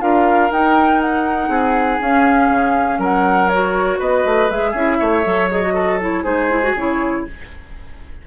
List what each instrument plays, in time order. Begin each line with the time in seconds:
0.00 bassoon D4, clarinet F4, oboe A#4, flute F5
0.51 bassoon D#4, clarinet D#4, flute G5
1.01 flute F#5
1.49 bassoon C4, oboe G#4
2.01 bassoon C#4, clarinet C#4, flute F5
2.49 bassoon C#3
2.98 bassoon F#3, oboe A#4, flute F#5
3.49 clarinet F#4, flute C#5
3.99 bassoon B3, oboe B4, flute D#5
4.25 bassoon A3
4.50 bassoon G#3, clarinet G#4, flute E5
4.71 bassoon C#4, clarinet E4, oboe G#4
4.99 bassoon A3, oboe C#5
5.25 bassoon F#3, clarinet A4
5.51 clarinet G#4, flute D#5
5.62 clarinet F#4
5.74 oboe A4
6.00 clarinet E4, flute C#5
6.24 bassoon G#3, clarinet D#4, oboe G#4, flute C5
6.49 clarinet E4
6.63 clarinet F#4
6.74 bassoon C#3, clarinet E4, flute C#5